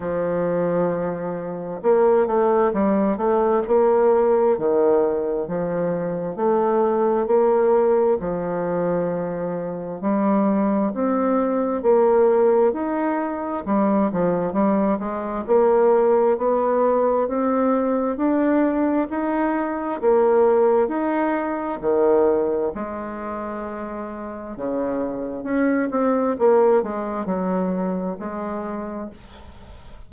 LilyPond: \new Staff \with { instrumentName = "bassoon" } { \time 4/4 \tempo 4 = 66 f2 ais8 a8 g8 a8 | ais4 dis4 f4 a4 | ais4 f2 g4 | c'4 ais4 dis'4 g8 f8 |
g8 gis8 ais4 b4 c'4 | d'4 dis'4 ais4 dis'4 | dis4 gis2 cis4 | cis'8 c'8 ais8 gis8 fis4 gis4 | }